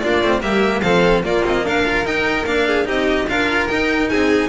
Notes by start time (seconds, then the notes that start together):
0.00 A#3 D4 F4 D5
0.22 A3 C4
0.41 G3 A#3 G4 E5
0.81 F3 C4 A4 F5
1.23 A#3 F4 D5
1.45 C4 D#5
1.64 D4 A#4 F5
1.85 F4
2.06 D#4 G5
2.46 A#3 D4 F5
2.67 G#4
2.85 C4 D#4 G4 D#5
3.28 D4 F4 A#4 F5
3.68 D#4 G5
4.10 C4 G#4 G#5